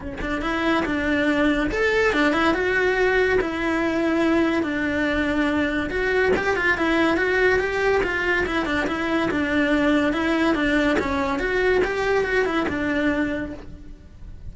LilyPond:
\new Staff \with { instrumentName = "cello" } { \time 4/4 \tempo 4 = 142 cis'8 d'8 e'4 d'2 | a'4 d'8 e'8 fis'2 | e'2. d'4~ | d'2 fis'4 g'8 f'8 |
e'4 fis'4 g'4 f'4 | e'8 d'8 e'4 d'2 | e'4 d'4 cis'4 fis'4 | g'4 fis'8 e'8 d'2 | }